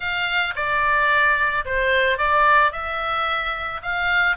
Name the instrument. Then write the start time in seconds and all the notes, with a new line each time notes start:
oboe
0.00 F5
0.55 D5
1.65 C5
2.18 D5
2.71 E5
3.82 F5